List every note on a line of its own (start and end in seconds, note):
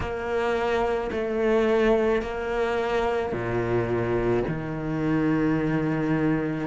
0.00 1.10 A#3
1.11 2.22 A3
2.22 3.32 A#3
3.32 4.43 A#2
4.47 6.67 D#3